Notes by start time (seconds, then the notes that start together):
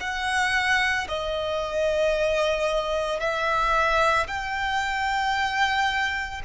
0.00 F#5
1.08 D#5
3.20 E5
4.27 G5